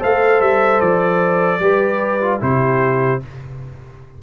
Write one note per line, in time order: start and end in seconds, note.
0.00 0.41 A3
0.00 1.60 A4
0.00 1.61 C5
0.00 0.41 F5
0.41 0.81 G3
0.41 0.81 E5
0.81 1.60 F3
0.81 2.41 D5
1.60 2.40 G3
1.60 2.20 G4
1.60 2.42 B4
2.21 2.41 F4
2.41 3.22 C3
2.41 3.21 E4
2.41 3.22 G4
2.41 3.23 C5